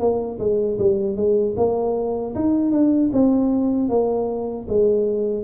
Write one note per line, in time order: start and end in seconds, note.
0.00 0.39 A#3
0.39 0.78 G#3
0.79 1.17 G3
1.17 1.55 G#3
1.57 2.35 A#3
2.36 2.72 D#4
2.72 3.11 D4
3.13 3.89 C4
3.89 4.67 A#3
4.68 5.44 G#3